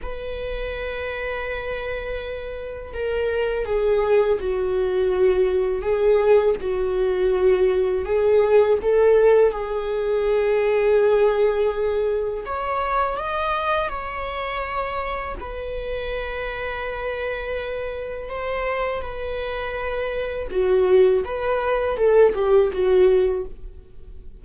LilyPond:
\new Staff \with { instrumentName = "viola" } { \time 4/4 \tempo 4 = 82 b'1 | ais'4 gis'4 fis'2 | gis'4 fis'2 gis'4 | a'4 gis'2.~ |
gis'4 cis''4 dis''4 cis''4~ | cis''4 b'2.~ | b'4 c''4 b'2 | fis'4 b'4 a'8 g'8 fis'4 | }